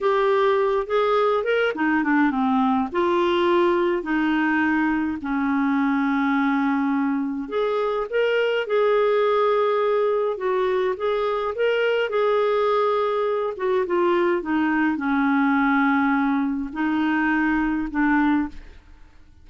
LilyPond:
\new Staff \with { instrumentName = "clarinet" } { \time 4/4 \tempo 4 = 104 g'4. gis'4 ais'8 dis'8 d'8 | c'4 f'2 dis'4~ | dis'4 cis'2.~ | cis'4 gis'4 ais'4 gis'4~ |
gis'2 fis'4 gis'4 | ais'4 gis'2~ gis'8 fis'8 | f'4 dis'4 cis'2~ | cis'4 dis'2 d'4 | }